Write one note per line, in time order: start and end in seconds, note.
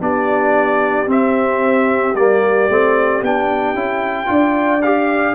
0.00 1.07 B3
0.00 1.07 D4
0.00 4.30 G4
0.00 1.09 D5
1.07 2.14 C4
1.07 2.16 E5
2.14 2.68 G3
2.14 2.69 A#3
2.14 3.23 D5
2.69 3.22 A3
2.69 3.23 C4
3.22 3.74 B3
3.22 3.75 D4
3.22 4.82 G5
3.74 4.27 C#4
3.74 4.26 E4
4.26 5.35 D4
4.26 4.79 F4
4.26 5.35 D5
4.82 5.35 G4
4.82 5.35 F5